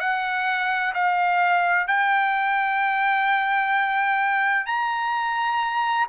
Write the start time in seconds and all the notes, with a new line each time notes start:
0.00 F#5
0.95 F5
1.87 G5
4.66 A#5